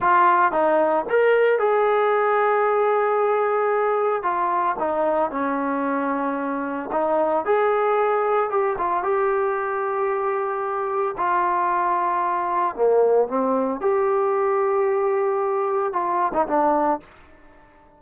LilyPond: \new Staff \with { instrumentName = "trombone" } { \time 4/4 \tempo 4 = 113 f'4 dis'4 ais'4 gis'4~ | gis'1 | f'4 dis'4 cis'2~ | cis'4 dis'4 gis'2 |
g'8 f'8 g'2.~ | g'4 f'2. | ais4 c'4 g'2~ | g'2 f'8. dis'16 d'4 | }